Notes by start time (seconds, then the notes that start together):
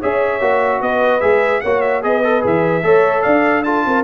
0.00 C#4 G#4 C#5 E5
0.41 A#3 F#4
0.81 B3 B4 D#5
1.21 G#3 G#4 E5
1.61 A#3 F#4 C#5 F#5
1.81 E5
2.03 B3 G#4 B4 D#5
2.24 A4
2.41 E3 G#4 E5
2.83 A3 A4 C#5
3.23 D4 D5 F5
3.64 F4 A4 A5
3.86 C4 A#4